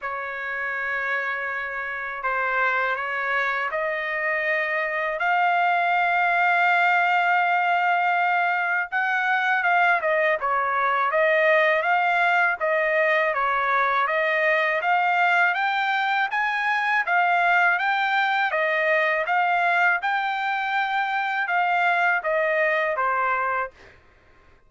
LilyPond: \new Staff \with { instrumentName = "trumpet" } { \time 4/4 \tempo 4 = 81 cis''2. c''4 | cis''4 dis''2 f''4~ | f''1 | fis''4 f''8 dis''8 cis''4 dis''4 |
f''4 dis''4 cis''4 dis''4 | f''4 g''4 gis''4 f''4 | g''4 dis''4 f''4 g''4~ | g''4 f''4 dis''4 c''4 | }